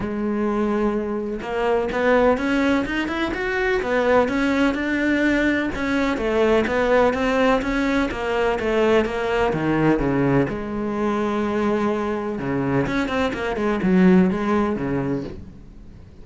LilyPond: \new Staff \with { instrumentName = "cello" } { \time 4/4 \tempo 4 = 126 gis2. ais4 | b4 cis'4 dis'8 e'8 fis'4 | b4 cis'4 d'2 | cis'4 a4 b4 c'4 |
cis'4 ais4 a4 ais4 | dis4 cis4 gis2~ | gis2 cis4 cis'8 c'8 | ais8 gis8 fis4 gis4 cis4 | }